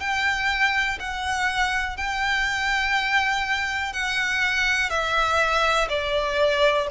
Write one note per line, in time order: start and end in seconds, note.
0.00 0.98 G5
0.99 1.97 F#5
1.97 3.93 G5
3.93 4.90 F#5
4.90 5.88 E5
5.89 6.87 D5